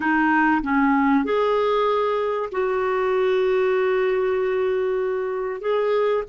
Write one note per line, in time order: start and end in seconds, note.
0.00 0.61 D#4
0.62 1.24 C#4
1.24 2.49 G#4
2.51 5.61 F#4
5.61 6.23 G#4